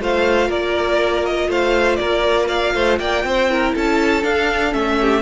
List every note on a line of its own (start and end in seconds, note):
0.00 0.48 A3
0.00 3.50 F4
0.00 0.48 C5
0.00 0.51 F5
0.48 1.48 A#3
0.48 1.48 A#4
0.48 1.25 D5
1.25 1.50 D#5
1.48 1.98 A3
1.48 1.99 C5
1.48 1.96 F5
1.96 2.74 A#3
1.96 2.48 A#4
1.96 2.46 D5
2.48 2.73 D5
2.48 2.98 F5
2.74 2.99 A3
2.74 2.99 C5
2.98 3.24 A#3
2.98 3.24 D5
2.98 3.73 G5
3.24 3.74 C4
3.24 3.51 C5
3.50 4.22 E4
3.50 3.74 A#4
3.74 4.23 C#4
3.74 4.99 A4
3.74 4.23 A5
4.22 4.71 D4
4.22 4.73 D4
4.22 4.73 F5
4.71 5.22 A3
4.71 5.21 C#4
4.71 5.22 E5
5.00 5.22 G4